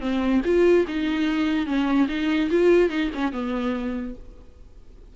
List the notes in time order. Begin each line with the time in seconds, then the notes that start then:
0.00 C4
0.44 F4
0.87 D#4
1.66 C#4
2.08 D#4
2.50 F4
2.89 D#4
3.14 C#4
3.32 B3